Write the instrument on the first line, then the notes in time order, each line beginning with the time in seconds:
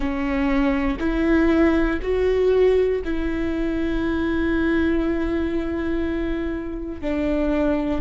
viola
0.00 C#4
1.00 E4
2.02 F#4
3.04 E4
7.01 D4